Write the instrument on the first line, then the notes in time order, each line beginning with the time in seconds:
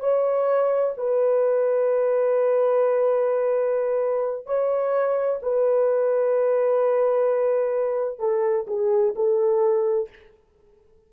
horn
0.00 C#5
0.97 B4
4.46 C#5
5.42 B4
8.19 A4
8.67 G#4
9.15 A4